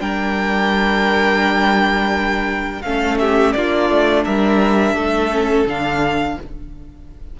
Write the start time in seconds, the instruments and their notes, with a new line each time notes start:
0.00 cello G3, viola D4, violin A#4 G5
2.82 cello A3, viola C#4, violin A4 F5
3.19 violin G4 E5
3.53 cello A#3, viola D4, violin F4 D5
3.90 cello A3
4.25 cello G3, violin A#4 E5
4.95 cello A3, violin A4
5.31 viola C#4
5.67 cello D3, viola D4, violin F5